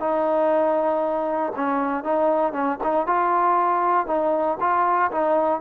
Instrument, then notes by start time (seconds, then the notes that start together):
trombone
0.00 D#4
1.56 C#4
2.04 D#4
2.53 C#4
2.84 D#4
3.07 F4
4.07 D#4
4.60 F4
5.12 D#4